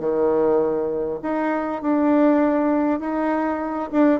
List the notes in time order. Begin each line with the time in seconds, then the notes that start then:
0.00 D#3
1.22 D#4
1.82 D4
3.00 D#4
3.92 D4